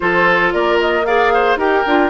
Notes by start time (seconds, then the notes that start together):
0.00 F3 F4 A4 C5
0.53 A#3 A#4 D5
0.80 D#5
1.05 G#4 D5 F5
1.33 C5
1.56 D#4 G4 A#4 G5
1.86 D4 F4